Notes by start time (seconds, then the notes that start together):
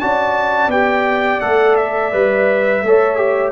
0.00 C#4 F#4 D5 A5
0.68 B3 G4 G5
1.41 A3 A4 F#5
1.76 E5
2.12 G3 B4
2.83 A3 A4 C#5
3.17 G4